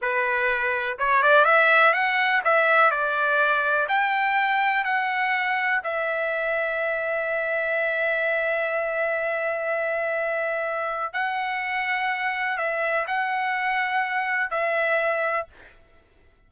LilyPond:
\new Staff \with { instrumentName = "trumpet" } { \time 4/4 \tempo 4 = 124 b'2 cis''8 d''8 e''4 | fis''4 e''4 d''2 | g''2 fis''2 | e''1~ |
e''1~ | e''2. fis''4~ | fis''2 e''4 fis''4~ | fis''2 e''2 | }